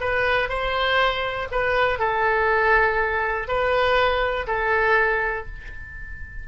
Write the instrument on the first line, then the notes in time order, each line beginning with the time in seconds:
oboe
0.00 B4
0.49 C5
1.51 B4
1.99 A4
3.47 B4
4.47 A4